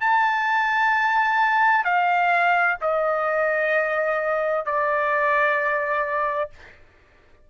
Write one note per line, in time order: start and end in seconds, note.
0.00 1.84 A5
1.84 2.77 F5
2.81 4.65 D#5
4.65 6.50 D5